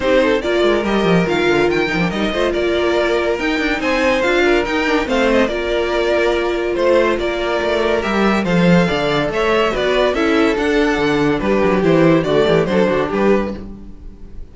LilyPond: <<
  \new Staff \with { instrumentName = "violin" } { \time 4/4 \tempo 4 = 142 c''4 d''4 dis''4 f''4 | g''4 dis''4 d''2 | g''4 gis''4 f''4 g''4 | f''8 dis''8 d''2. |
c''4 d''2 e''4 | f''2 e''4 d''4 | e''4 fis''2 b'4 | c''4 d''4 c''4 b'4 | }
  \new Staff \with { instrumentName = "violin" } { \time 4/4 g'8 a'8 ais'2.~ | ais'4. c''8 ais'2~ | ais'4 c''4. ais'4. | c''4 ais'2. |
c''4 ais'2. | c''4 d''4 cis''4 b'4 | a'2. g'4~ | g'4 fis'8 g'8 a'8 fis'8 g'4 | }
  \new Staff \with { instrumentName = "viola" } { \time 4/4 dis'4 f'4 g'4 f'4~ | f'8 dis'16 d'16 dis'8 f'2~ f'8 | dis'2 f'4 dis'8 d'8 | c'4 f'2.~ |
f'2. g'4 | a'2. fis'4 | e'4 d'2. | e'4 a4 d'2 | }
  \new Staff \with { instrumentName = "cello" } { \time 4/4 c'4 ais8 gis8 g8 f8 dis8 d8 | dis8 f8 g8 a8 ais2 | dis'8 d'8 c'4 d'4 dis'4 | a4 ais2. |
a4 ais4 a4 g4 | f4 d4 a4 b4 | cis'4 d'4 d4 g8 fis8 | e4 d8 e8 fis8 d8 g4 | }
>>